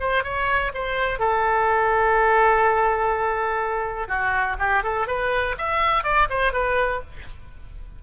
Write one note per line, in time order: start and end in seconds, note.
0.00 0.23 C5
0.23 0.72 C#5
0.74 1.19 C5
1.19 4.08 A4
4.08 4.56 F#4
4.59 4.83 G4
4.83 5.07 A4
5.07 5.55 B4
5.58 6.03 E5
6.03 6.27 D5
6.29 6.53 C5
6.53 7.01 B4